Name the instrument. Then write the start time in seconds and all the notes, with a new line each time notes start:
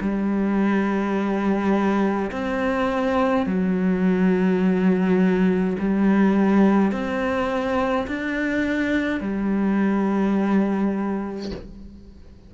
cello
0.00 G3
2.31 C4
3.46 F#3
5.78 G3
6.91 C4
8.07 D4
9.20 G3